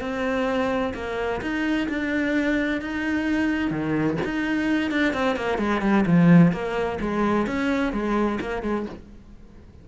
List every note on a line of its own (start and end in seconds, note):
0.00 0.93 C4
0.94 1.40 A#3
1.41 1.88 D#4
1.88 2.81 D4
2.81 3.70 D#4
3.70 4.17 D#3
4.24 4.91 D#4
4.91 5.13 D4
5.13 5.36 C4
5.36 5.58 A#3
5.58 5.81 G#3
5.81 6.04 G3
6.06 6.52 F3
6.52 6.98 A#3
7.00 7.46 G#3
7.46 7.92 C#4
7.92 8.39 G#3
8.40 8.62 A#3
8.62 8.85 G#3